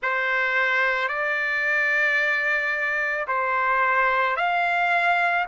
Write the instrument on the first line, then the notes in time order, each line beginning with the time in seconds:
trumpet
0.02 C5
1.08 D5
3.27 C5
4.36 F5